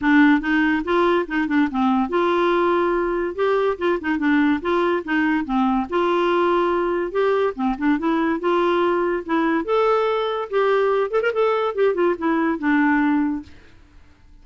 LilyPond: \new Staff \with { instrumentName = "clarinet" } { \time 4/4 \tempo 4 = 143 d'4 dis'4 f'4 dis'8 d'8 | c'4 f'2. | g'4 f'8 dis'8 d'4 f'4 | dis'4 c'4 f'2~ |
f'4 g'4 c'8 d'8 e'4 | f'2 e'4 a'4~ | a'4 g'4. a'16 ais'16 a'4 | g'8 f'8 e'4 d'2 | }